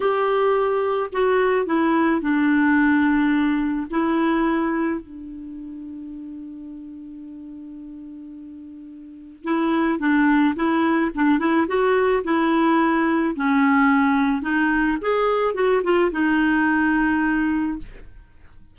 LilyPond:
\new Staff \with { instrumentName = "clarinet" } { \time 4/4 \tempo 4 = 108 g'2 fis'4 e'4 | d'2. e'4~ | e'4 d'2.~ | d'1~ |
d'4 e'4 d'4 e'4 | d'8 e'8 fis'4 e'2 | cis'2 dis'4 gis'4 | fis'8 f'8 dis'2. | }